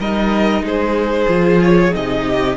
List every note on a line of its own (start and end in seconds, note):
0.00 0.62 G3
0.00 1.29 D#4
0.00 0.65 A#4
0.00 0.65 D#5
0.62 1.26 G#3
0.62 2.26 G#4
0.62 1.63 C5
1.28 1.93 F3
1.28 1.92 F4
1.63 1.95 C#5
1.92 2.57 C3
1.92 2.56 D#4
1.92 2.57 D#5
2.26 2.57 G4